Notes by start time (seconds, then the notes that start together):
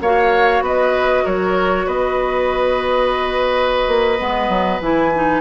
0.00 A#3 F#4 C#5 F5
0.60 B3 B4 D#5
1.23 F#3 A#4 C#5
1.86 B3 B4 D#5
3.87 A#3
4.19 G#3 B3
4.48 F#3
4.80 E3 E4 G#5
5.14 D#4